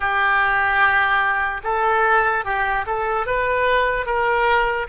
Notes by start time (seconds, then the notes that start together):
0.00 G4
1.63 A4
2.44 G4
2.86 A4
3.26 B4
4.05 A#4